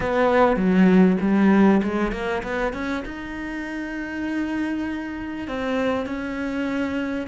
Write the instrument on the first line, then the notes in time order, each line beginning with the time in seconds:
cello
0.00 B3
0.56 F#3
1.21 G3
1.82 G#3
2.12 A#3
2.43 B3
2.73 C#4
3.05 D#4
5.47 C4
6.06 C#4